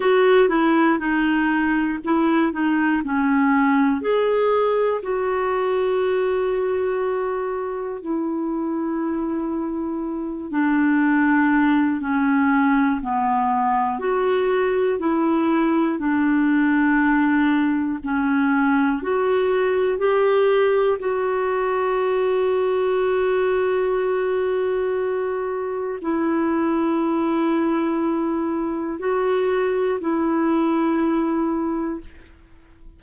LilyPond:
\new Staff \with { instrumentName = "clarinet" } { \time 4/4 \tempo 4 = 60 fis'8 e'8 dis'4 e'8 dis'8 cis'4 | gis'4 fis'2. | e'2~ e'8 d'4. | cis'4 b4 fis'4 e'4 |
d'2 cis'4 fis'4 | g'4 fis'2.~ | fis'2 e'2~ | e'4 fis'4 e'2 | }